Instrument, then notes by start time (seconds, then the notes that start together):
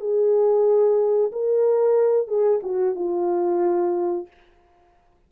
horn
0.00 G#4
1.32 A#4
2.28 G#4
2.63 F#4
2.96 F4